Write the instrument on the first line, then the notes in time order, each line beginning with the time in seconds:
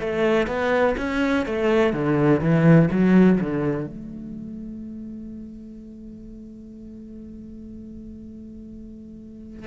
cello
0.00 A3
0.48 B3
0.98 C#4
1.46 A3
1.94 D3
2.41 E3
2.92 F#3
3.40 D3
3.87 A3